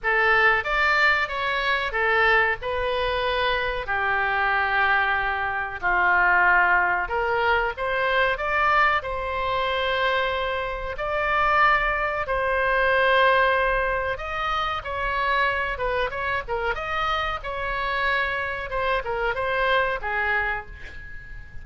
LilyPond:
\new Staff \with { instrumentName = "oboe" } { \time 4/4 \tempo 4 = 93 a'4 d''4 cis''4 a'4 | b'2 g'2~ | g'4 f'2 ais'4 | c''4 d''4 c''2~ |
c''4 d''2 c''4~ | c''2 dis''4 cis''4~ | cis''8 b'8 cis''8 ais'8 dis''4 cis''4~ | cis''4 c''8 ais'8 c''4 gis'4 | }